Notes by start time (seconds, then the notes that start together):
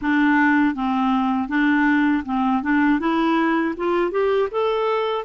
0.01 D4
0.74 C4
1.48 D4
2.25 C4
2.62 D4
2.99 E4
3.76 F4
4.11 G4
4.51 A4